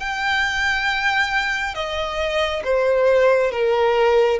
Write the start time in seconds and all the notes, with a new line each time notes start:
0.00 G5
1.75 D#5
2.65 C5
3.52 A#4